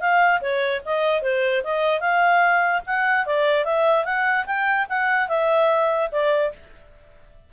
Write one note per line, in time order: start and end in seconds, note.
0.00 0.41 F5
0.41 0.82 C#5
0.85 1.22 D#5
1.22 1.63 C5
1.63 2.00 D#5
2.00 2.81 F5
2.86 3.26 F#5
3.26 3.64 D5
3.64 4.04 E5
4.04 4.45 F#5
4.46 4.86 G5
4.89 5.28 F#5
5.28 6.09 E5
6.12 6.52 D5